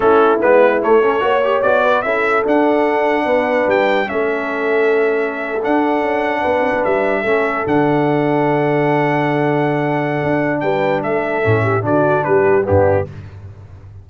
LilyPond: <<
  \new Staff \with { instrumentName = "trumpet" } { \time 4/4 \tempo 4 = 147 a'4 b'4 cis''2 | d''4 e''4 fis''2~ | fis''4 g''4 e''2~ | e''4.~ e''16 fis''2~ fis''16~ |
fis''8. e''2 fis''4~ fis''16~ | fis''1~ | fis''2 g''4 e''4~ | e''4 d''4 b'4 g'4 | }
  \new Staff \with { instrumentName = "horn" } { \time 4/4 e'2~ e'8 a'8 cis''4~ | cis''8 b'8 a'2. | b'2 a'2~ | a'2.~ a'8. b'16~ |
b'4.~ b'16 a'2~ a'16~ | a'1~ | a'2 b'4 a'4~ | a'8 g'8 fis'4 g'4 d'4 | }
  \new Staff \with { instrumentName = "trombone" } { \time 4/4 cis'4 b4 a8 cis'8 fis'8 g'8 | fis'4 e'4 d'2~ | d'2 cis'2~ | cis'4.~ cis'16 d'2~ d'16~ |
d'4.~ d'16 cis'4 d'4~ d'16~ | d'1~ | d'1 | cis'4 d'2 b4 | }
  \new Staff \with { instrumentName = "tuba" } { \time 4/4 a4 gis4 a4 ais4 | b4 cis'4 d'2 | b4 g4 a2~ | a4.~ a16 d'4 cis'4 b16~ |
b16 c'16 b16 g4 a4 d4~ d16~ | d1~ | d4 d'4 g4 a4 | a,4 d4 g4 g,4 | }
>>